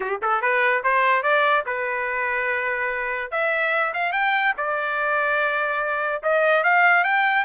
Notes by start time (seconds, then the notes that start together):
0.00 G4
0.22 A4
0.41 B4
0.83 C5
1.22 D5
1.66 B4
3.31 E5
3.93 F5
4.12 G5
4.57 D5
6.23 D#5
6.63 F5
7.04 G5